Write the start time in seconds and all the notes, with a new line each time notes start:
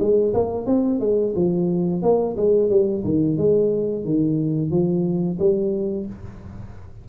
0.00 G#3
0.34 A#3
0.66 C4
1.00 G#3
1.35 F3
2.02 A#3
2.37 G#3
2.70 G3
3.04 D#3
3.37 G#3
4.04 D#3
4.71 F3
5.39 G3